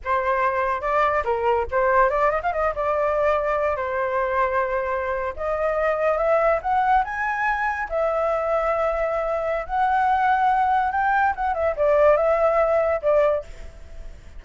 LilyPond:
\new Staff \with { instrumentName = "flute" } { \time 4/4 \tempo 4 = 143 c''2 d''4 ais'4 | c''4 d''8 dis''16 f''16 dis''8 d''4.~ | d''4 c''2.~ | c''8. dis''2 e''4 fis''16~ |
fis''8. gis''2 e''4~ e''16~ | e''2. fis''4~ | fis''2 g''4 fis''8 e''8 | d''4 e''2 d''4 | }